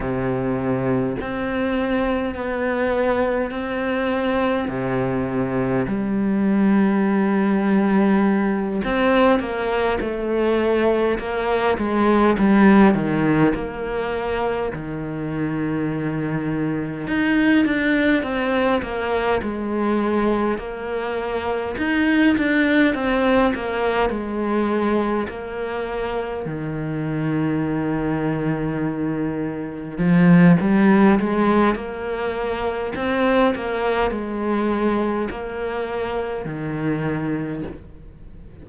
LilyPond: \new Staff \with { instrumentName = "cello" } { \time 4/4 \tempo 4 = 51 c4 c'4 b4 c'4 | c4 g2~ g8 c'8 | ais8 a4 ais8 gis8 g8 dis8 ais8~ | ais8 dis2 dis'8 d'8 c'8 |
ais8 gis4 ais4 dis'8 d'8 c'8 | ais8 gis4 ais4 dis4.~ | dis4. f8 g8 gis8 ais4 | c'8 ais8 gis4 ais4 dis4 | }